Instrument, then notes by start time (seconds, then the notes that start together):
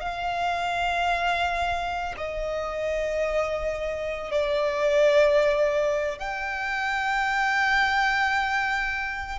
violin
0.00 F5
2.17 D#5
4.31 D5
6.19 G5